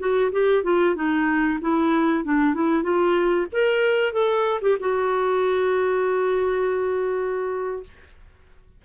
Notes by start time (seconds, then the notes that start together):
0.00 F#4
0.32 G4
0.64 F4
0.96 D#4
1.62 E4
2.25 D4
2.55 E4
2.83 F4
3.53 A#4
4.13 A4
4.62 G4
4.80 F#4